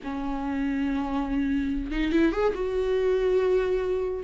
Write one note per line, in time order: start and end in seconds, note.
0.03 1.91 C#4
1.91 2.12 D#4
2.12 2.32 E4
2.32 2.53 G#4
2.54 4.24 F#4